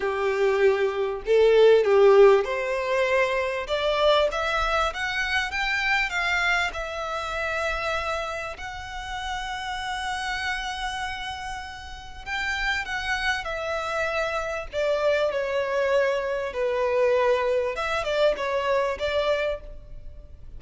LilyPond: \new Staff \with { instrumentName = "violin" } { \time 4/4 \tempo 4 = 98 g'2 a'4 g'4 | c''2 d''4 e''4 | fis''4 g''4 f''4 e''4~ | e''2 fis''2~ |
fis''1 | g''4 fis''4 e''2 | d''4 cis''2 b'4~ | b'4 e''8 d''8 cis''4 d''4 | }